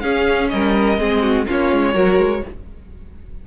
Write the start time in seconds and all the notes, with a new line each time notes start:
0.00 C#4 G#4 F5
0.49 G3 A#4 D#5
0.98 G#3 C4 G#4
1.22 F#4
1.47 A#3 C#4 F4 C#5
1.72 G#3
1.93 F#3 F#4 A#4
2.18 G#3